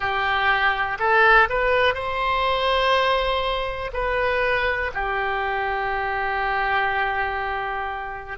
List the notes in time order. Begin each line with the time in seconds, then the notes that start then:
0.00 G4
0.99 A4
1.49 B4
1.94 C5
3.93 B4
4.94 G4